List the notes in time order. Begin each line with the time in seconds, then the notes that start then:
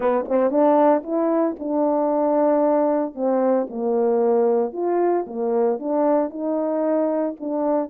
0.00 B3
0.28 C4
0.50 D4
1.03 E4
1.59 D4
3.14 C4
3.69 A#3
4.72 F4
5.26 A#3
5.79 D4
6.30 D#4
7.39 D4